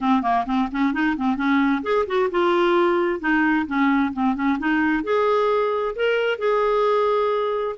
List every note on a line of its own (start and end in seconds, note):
0.00 0.22 C4
0.22 0.45 A#3
0.46 0.68 C4
0.71 0.93 C#4
0.93 1.16 D#4
1.16 1.36 C4
1.36 1.82 C#4
1.82 2.05 G#4
2.06 2.29 F#4
2.30 3.20 F4
3.20 3.66 D#4
3.66 4.12 C#4
4.13 4.35 C4
4.35 4.58 C#4
4.58 5.03 D#4
5.03 5.95 G#4
5.95 6.38 A#4
6.38 7.76 G#4